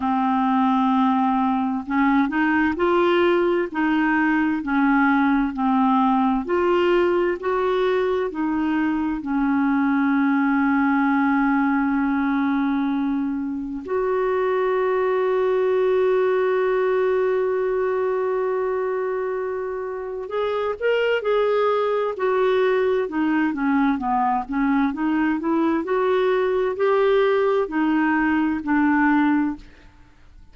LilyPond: \new Staff \with { instrumentName = "clarinet" } { \time 4/4 \tempo 4 = 65 c'2 cis'8 dis'8 f'4 | dis'4 cis'4 c'4 f'4 | fis'4 dis'4 cis'2~ | cis'2. fis'4~ |
fis'1~ | fis'2 gis'8 ais'8 gis'4 | fis'4 dis'8 cis'8 b8 cis'8 dis'8 e'8 | fis'4 g'4 dis'4 d'4 | }